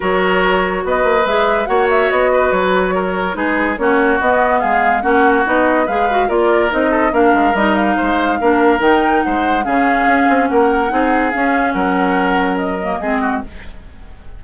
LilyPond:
<<
  \new Staff \with { instrumentName = "flute" } { \time 4/4 \tempo 4 = 143 cis''2 dis''4 e''4 | fis''8 e''8 dis''4 cis''2 | b'4 cis''4 dis''4 f''4 | fis''4 dis''4 f''4 d''4 |
dis''4 f''4 dis''8 f''4.~ | f''4 g''4 fis''4 f''4~ | f''4 fis''2 f''4 | fis''2 dis''2 | }
  \new Staff \with { instrumentName = "oboe" } { \time 4/4 ais'2 b'2 | cis''4. b'4. ais'4 | gis'4 fis'2 gis'4 | fis'2 b'4 ais'4~ |
ais'8 a'8 ais'2 c''4 | ais'2 c''4 gis'4~ | gis'4 ais'4 gis'2 | ais'2. gis'8 fis'8 | }
  \new Staff \with { instrumentName = "clarinet" } { \time 4/4 fis'2. gis'4 | fis'1 | dis'4 cis'4 b2 | cis'4 dis'4 gis'8 fis'8 f'4 |
dis'4 d'4 dis'2 | d'4 dis'2 cis'4~ | cis'2 dis'4 cis'4~ | cis'2~ cis'8 ais8 c'4 | }
  \new Staff \with { instrumentName = "bassoon" } { \time 4/4 fis2 b8 ais8 gis4 | ais4 b4 fis2 | gis4 ais4 b4 gis4 | ais4 b4 gis4 ais4 |
c'4 ais8 gis8 g4 gis4 | ais4 dis4 gis4 cis4 | cis'8 c'8 ais4 c'4 cis'4 | fis2. gis4 | }
>>